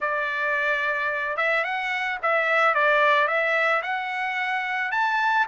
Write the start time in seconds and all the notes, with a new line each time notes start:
0.00 D5
1.36 E5
1.63 F#5
2.22 E5
2.74 D5
3.27 E5
3.82 F#5
4.91 A5